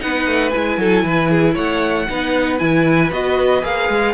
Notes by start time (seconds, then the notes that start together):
0.00 B3 D#4 B4 F#5
0.27 A3
0.50 E4 G#5
0.56 G#3
0.78 F#3 A4
1.04 E3 B4
1.31 G#4
1.54 A3 C#5 F#5
2.10 B3 D#4 B4
2.59 E3 E4 G#5
3.12 B3 F#4 D#5
3.62 A#3 G#4 F5
3.90 G#3